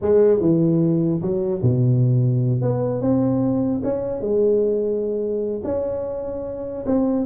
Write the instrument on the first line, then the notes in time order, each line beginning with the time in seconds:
tuba
0.01 G#3
0.40 E3
1.21 F#3
1.61 B2
2.61 B3
3.01 C4
3.83 C#4
4.20 G#3
5.63 C#4
6.86 C4